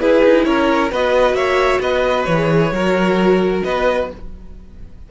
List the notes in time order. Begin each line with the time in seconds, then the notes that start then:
0.00 E4 G#4 B4
0.24 D#4
0.45 C#4 A#4 C#5
0.92 B3 F#4 B4 D#5
1.33 A#3 C#5 E5
1.81 B3 B4 D#5
2.25 E3 C#5
2.32 G#4
2.72 F#3 F#4 A#4
3.64 B3 B4 D#5